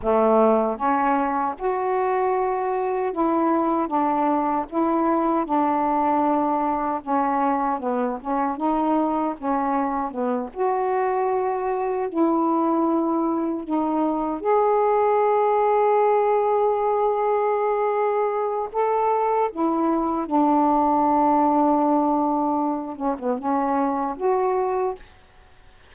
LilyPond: \new Staff \with { instrumentName = "saxophone" } { \time 4/4 \tempo 4 = 77 a4 cis'4 fis'2 | e'4 d'4 e'4 d'4~ | d'4 cis'4 b8 cis'8 dis'4 | cis'4 b8 fis'2 e'8~ |
e'4. dis'4 gis'4.~ | gis'1 | a'4 e'4 d'2~ | d'4. cis'16 b16 cis'4 fis'4 | }